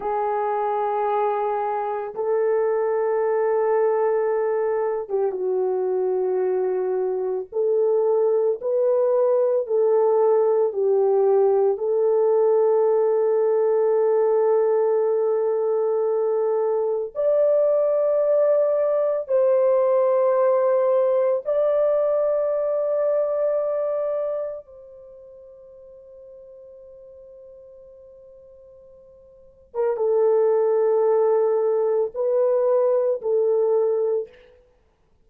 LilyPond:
\new Staff \with { instrumentName = "horn" } { \time 4/4 \tempo 4 = 56 gis'2 a'2~ | a'8. g'16 fis'2 a'4 | b'4 a'4 g'4 a'4~ | a'1 |
d''2 c''2 | d''2. c''4~ | c''2.~ c''8. ais'16 | a'2 b'4 a'4 | }